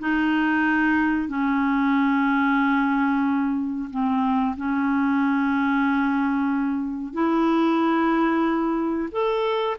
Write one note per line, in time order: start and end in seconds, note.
0.00 1.29 D#4
1.29 3.90 C#4
3.91 4.56 C4
4.57 7.13 C#4
7.13 9.09 E4
9.12 9.77 A4